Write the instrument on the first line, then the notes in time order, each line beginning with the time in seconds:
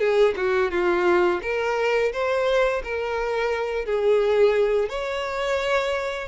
violin
0.00 G#4
0.37 F#4
0.71 F4
1.43 A#4
2.13 C5
2.84 A#4
3.86 G#4
4.89 C#5